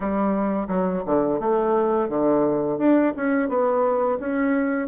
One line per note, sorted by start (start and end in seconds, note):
0.00 0.67 G3
0.68 1.03 F#3
1.06 1.39 D3
1.39 2.08 A3
2.08 2.78 D3
2.78 3.13 D4
3.16 3.48 C#4
3.48 4.18 B3
4.19 4.88 C#4